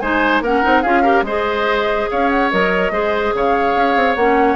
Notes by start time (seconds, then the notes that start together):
0.00 G#3 D#4 C5 G#5
0.41 A#3 C#4 A#4 F#5
0.63 C4 D#4
0.82 C#4 F4 G#4 F5
1.03 G4 A#4
1.22 G#3 G#4 C5 D#5
2.11 C#4 C#5 F5
2.30 F#5
2.51 F#3 A#4 D#5
2.90 G#3 G#4 C5
3.34 C#3 C#5 F5
3.75 C#4
3.96 C4
4.15 A#3 C#4 F#5